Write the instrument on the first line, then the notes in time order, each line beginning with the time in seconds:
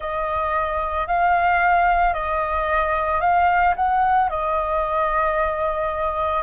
flute
0.00 D#5
1.07 F5
2.13 D#5
3.20 F5
3.75 F#5
4.29 D#5